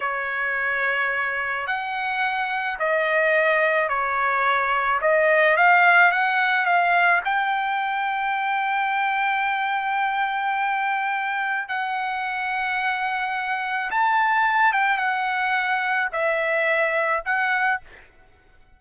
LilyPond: \new Staff \with { instrumentName = "trumpet" } { \time 4/4 \tempo 4 = 108 cis''2. fis''4~ | fis''4 dis''2 cis''4~ | cis''4 dis''4 f''4 fis''4 | f''4 g''2.~ |
g''1~ | g''4 fis''2.~ | fis''4 a''4. g''8 fis''4~ | fis''4 e''2 fis''4 | }